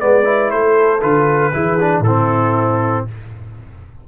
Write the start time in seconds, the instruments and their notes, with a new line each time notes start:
0.00 tuba G#3, trombone B3, horn B4, trumpet D5
0.24 trombone E4
0.51 tuba A3, horn A4, trumpet C5
1.02 tuba D3, trombone F4, trumpet B4
1.52 tuba E3, trombone E4, horn G#4
1.80 trombone D4
2.00 tuba A2, horn E4, trumpet A4
2.07 trombone C4